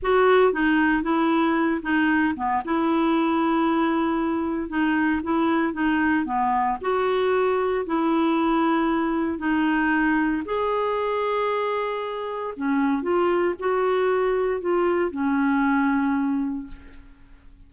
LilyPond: \new Staff \with { instrumentName = "clarinet" } { \time 4/4 \tempo 4 = 115 fis'4 dis'4 e'4. dis'8~ | dis'8 b8 e'2.~ | e'4 dis'4 e'4 dis'4 | b4 fis'2 e'4~ |
e'2 dis'2 | gis'1 | cis'4 f'4 fis'2 | f'4 cis'2. | }